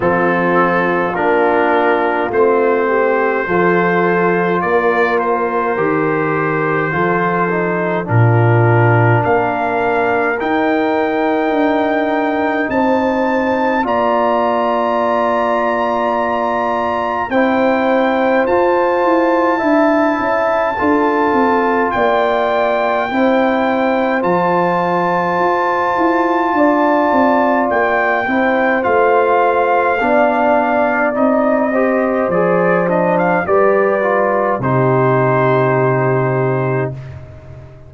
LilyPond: <<
  \new Staff \with { instrumentName = "trumpet" } { \time 4/4 \tempo 4 = 52 a'4 ais'4 c''2 | d''8 c''2~ c''8 ais'4 | f''4 g''2 a''4 | ais''2. g''4 |
a''2. g''4~ | g''4 a''2. | g''4 f''2 dis''4 | d''8 dis''16 f''16 d''4 c''2 | }
  \new Staff \with { instrumentName = "horn" } { \time 4/4 f'2~ f'8 g'8 a'4 | ais'2 a'4 f'4 | ais'2. c''4 | d''2. c''4~ |
c''4 e''4 a'4 d''4 | c''2. d''4~ | d''8 c''4. d''4. c''8~ | c''4 b'4 g'2 | }
  \new Staff \with { instrumentName = "trombone" } { \time 4/4 c'4 d'4 c'4 f'4~ | f'4 g'4 f'8 dis'8 d'4~ | d'4 dis'2. | f'2. e'4 |
f'4 e'4 f'2 | e'4 f'2.~ | f'8 e'8 f'4 d'4 dis'8 g'8 | gis'8 d'8 g'8 f'8 dis'2 | }
  \new Staff \with { instrumentName = "tuba" } { \time 4/4 f4 ais4 a4 f4 | ais4 dis4 f4 ais,4 | ais4 dis'4 d'4 c'4 | ais2. c'4 |
f'8 e'8 d'8 cis'8 d'8 c'8 ais4 | c'4 f4 f'8 e'8 d'8 c'8 | ais8 c'8 a4 b4 c'4 | f4 g4 c2 | }
>>